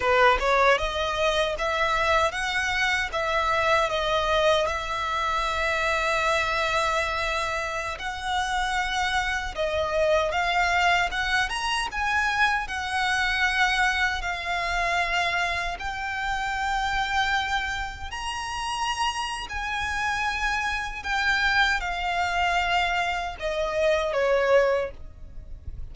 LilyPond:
\new Staff \with { instrumentName = "violin" } { \time 4/4 \tempo 4 = 77 b'8 cis''8 dis''4 e''4 fis''4 | e''4 dis''4 e''2~ | e''2~ e''16 fis''4.~ fis''16~ | fis''16 dis''4 f''4 fis''8 ais''8 gis''8.~ |
gis''16 fis''2 f''4.~ f''16~ | f''16 g''2. ais''8.~ | ais''4 gis''2 g''4 | f''2 dis''4 cis''4 | }